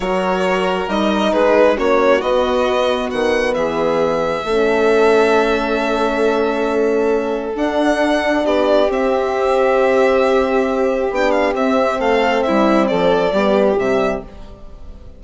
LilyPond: <<
  \new Staff \with { instrumentName = "violin" } { \time 4/4 \tempo 4 = 135 cis''2 dis''4 b'4 | cis''4 dis''2 fis''4 | e''1~ | e''1~ |
e''4 fis''2 d''4 | e''1~ | e''4 g''8 f''8 e''4 f''4 | e''4 d''2 e''4 | }
  \new Staff \with { instrumentName = "violin" } { \time 4/4 ais'2. gis'4 | fis'1 | gis'2 a'2~ | a'1~ |
a'2. g'4~ | g'1~ | g'2. a'4 | e'4 a'4 g'2 | }
  \new Staff \with { instrumentName = "horn" } { \time 4/4 fis'2 dis'2 | cis'4 b2.~ | b2 cis'2~ | cis'1~ |
cis'4 d'2. | c'1~ | c'4 d'4 c'2~ | c'2 b4 g4 | }
  \new Staff \with { instrumentName = "bassoon" } { \time 4/4 fis2 g4 gis4 | ais4 b2 dis4 | e2 a2~ | a1~ |
a4 d'2 b4 | c'1~ | c'4 b4 c'4 a4 | g4 f4 g4 c4 | }
>>